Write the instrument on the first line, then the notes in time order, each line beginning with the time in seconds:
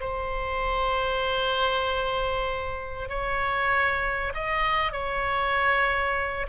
oboe
0.00 C5
3.09 C#5
4.34 D#5
4.92 C#5